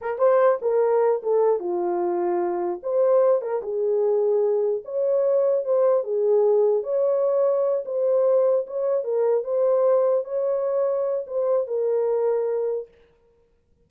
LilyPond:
\new Staff \with { instrumentName = "horn" } { \time 4/4 \tempo 4 = 149 ais'8 c''4 ais'4. a'4 | f'2. c''4~ | c''8 ais'8 gis'2. | cis''2 c''4 gis'4~ |
gis'4 cis''2~ cis''8 c''8~ | c''4. cis''4 ais'4 c''8~ | c''4. cis''2~ cis''8 | c''4 ais'2. | }